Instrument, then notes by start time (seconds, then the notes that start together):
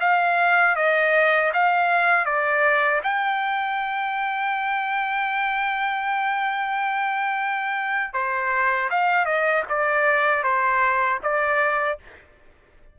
trumpet
0.00 F5
0.76 D#5
1.53 F5
2.25 D5
3.03 G5
8.13 C5
8.90 F5
9.25 D#5
9.69 D5
10.43 C5
11.23 D5